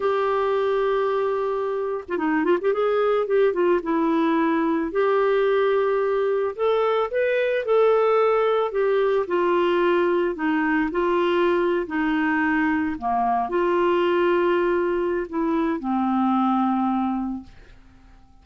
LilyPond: \new Staff \with { instrumentName = "clarinet" } { \time 4/4 \tempo 4 = 110 g'2.~ g'8. f'16 | dis'8 f'16 g'16 gis'4 g'8 f'8 e'4~ | e'4 g'2. | a'4 b'4 a'2 |
g'4 f'2 dis'4 | f'4.~ f'16 dis'2 ais16~ | ais8. f'2.~ f'16 | e'4 c'2. | }